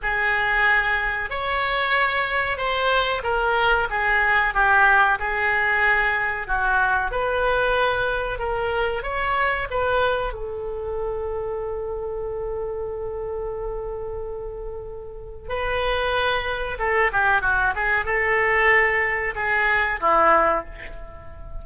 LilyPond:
\new Staff \with { instrumentName = "oboe" } { \time 4/4 \tempo 4 = 93 gis'2 cis''2 | c''4 ais'4 gis'4 g'4 | gis'2 fis'4 b'4~ | b'4 ais'4 cis''4 b'4 |
a'1~ | a'1 | b'2 a'8 g'8 fis'8 gis'8 | a'2 gis'4 e'4 | }